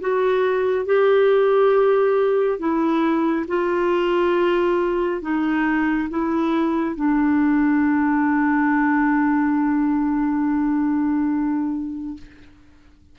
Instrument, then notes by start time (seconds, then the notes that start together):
clarinet
0.00 F#4
0.85 G4
2.58 E4
3.47 F4
5.21 D#4
6.09 E4
6.95 D4